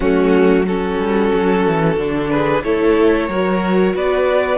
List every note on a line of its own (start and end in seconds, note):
0.00 0.98 F#3
0.00 0.68 A3
0.00 0.65 C#4
0.00 0.65 F#4
0.65 1.99 C#4
0.65 2.30 F#4
0.65 2.30 A4
0.98 1.31 G3
1.34 1.66 F#3
1.66 1.96 E3
1.96 2.62 D3
1.96 2.63 D4
2.30 2.64 G#4
2.30 2.62 B4
2.63 3.28 A3
2.63 3.29 E4
2.63 3.29 A4
2.63 3.95 C#5
3.28 3.94 F#3
3.28 4.57 F#4
3.28 3.95 A#4
3.95 4.57 B3
3.95 4.57 B4
3.95 4.57 D5